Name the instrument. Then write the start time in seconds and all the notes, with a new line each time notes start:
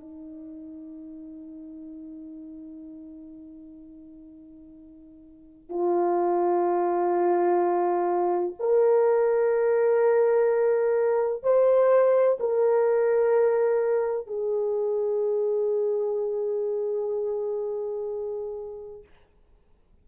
horn
0.00 D#4
5.69 F4
8.60 A#4
11.43 C5
12.40 A#4
14.27 G#4